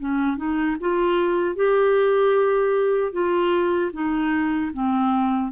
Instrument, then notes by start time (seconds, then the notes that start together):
clarinet
0.00 C#4
0.37 D#4
0.81 F4
1.56 G4
3.13 F4
3.93 D#4
4.74 C4